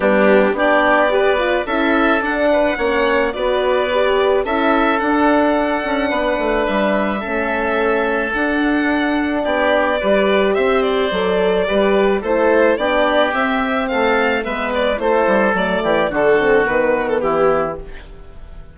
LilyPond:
<<
  \new Staff \with { instrumentName = "violin" } { \time 4/4 \tempo 4 = 108 g'4 d''2 e''4 | fis''2 d''2 | e''4 fis''2. | e''2. fis''4~ |
fis''4 d''2 e''8 d''8~ | d''2 c''4 d''4 | e''4 f''4 e''8 d''8 c''4 | d''4 a'4 b'8. a'16 g'4 | }
  \new Staff \with { instrumentName = "oboe" } { \time 4/4 d'4 g'4 b'4 a'4~ | a'8 b'8 cis''4 b'2 | a'2. b'4~ | b'4 a'2.~ |
a'4 g'4 b'4 c''4~ | c''4 b'4 a'4 g'4~ | g'4 a'4 b'4 a'4~ | a'8 g'8 fis'2 e'4 | }
  \new Staff \with { instrumentName = "horn" } { \time 4/4 b4 d'4 g'8 f'8 e'4 | d'4 cis'4 fis'4 g'4 | e'4 d'2.~ | d'4 cis'2 d'4~ |
d'2 g'2 | a'4 g'4 e'4 d'4 | c'2 b4 e'4 | a4 d'8 c'8 b2 | }
  \new Staff \with { instrumentName = "bassoon" } { \time 4/4 g4 b2 cis'4 | d'4 ais4 b2 | cis'4 d'4. cis'8 b8 a8 | g4 a2 d'4~ |
d'4 b4 g4 c'4 | fis4 g4 a4 b4 | c'4 a4 gis4 a8 g8 | fis8 e8 d4 dis4 e4 | }
>>